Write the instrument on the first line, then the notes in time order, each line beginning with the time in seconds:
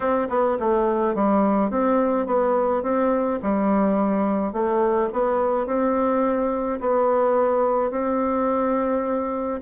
bassoon
0.00 C4
0.29 B3
0.59 A3
1.14 G3
1.70 C4
2.26 B3
2.83 C4
3.42 G3
4.52 A3
5.12 B3
5.66 C4
6.80 B3
7.90 C4